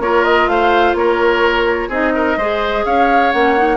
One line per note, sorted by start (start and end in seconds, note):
0.00 0.47 A#3
0.00 1.91 F4
0.00 0.50 A#4
0.00 0.24 C#5
0.24 0.48 D#5
0.47 0.94 A3
0.47 0.97 C5
0.47 0.95 F5
0.94 1.89 A#3
0.94 1.89 A#4
0.94 1.90 C#5
1.89 2.36 C4
1.89 2.38 D#4
1.89 2.12 G#4
1.89 2.85 D#5
2.15 2.38 A#4
2.37 2.84 G#3
2.37 3.34 G#4
2.37 2.85 C5
2.85 3.33 C#4
2.85 3.77 C#5
2.85 3.32 F5
3.32 3.77 A#3
3.32 3.57 C#4
3.32 3.77 F#5
3.57 3.77 D#4